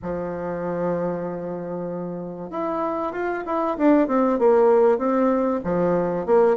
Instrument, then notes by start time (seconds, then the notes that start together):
bassoon
0.02 F3
2.50 E4
3.12 F4
3.45 E4
3.77 D4
4.07 C4
4.38 A#3
4.97 C4
5.64 F3
6.26 A#3